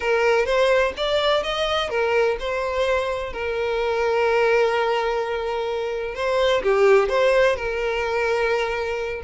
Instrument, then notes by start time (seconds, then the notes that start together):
violin
0.00 A#4
0.45 C5
0.96 D5
1.43 D#5
1.89 A#4
2.39 C5
3.32 A#4
6.15 C5
6.62 G4
7.08 C5
7.56 A#4